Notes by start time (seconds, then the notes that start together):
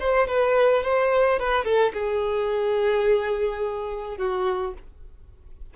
0.00 C5
0.28 B4
0.83 C5
1.39 B4
1.64 A4
1.93 G#4
4.18 F#4